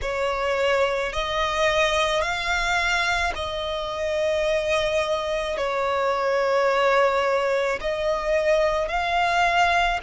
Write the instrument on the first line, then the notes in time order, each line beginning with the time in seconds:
violin
0.02 C#5
1.12 D#5
2.21 F5
3.35 D#5
5.57 C#5
7.80 D#5
8.88 F5